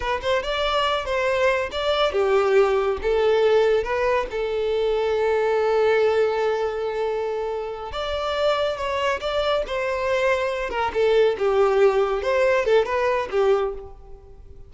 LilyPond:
\new Staff \with { instrumentName = "violin" } { \time 4/4 \tempo 4 = 140 b'8 c''8 d''4. c''4. | d''4 g'2 a'4~ | a'4 b'4 a'2~ | a'1~ |
a'2~ a'8 d''4.~ | d''8 cis''4 d''4 c''4.~ | c''4 ais'8 a'4 g'4.~ | g'8 c''4 a'8 b'4 g'4 | }